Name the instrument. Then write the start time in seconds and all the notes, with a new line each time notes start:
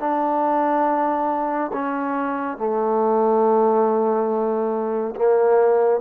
trombone
0.00 D4
1.73 C#4
2.58 A3
5.16 A#3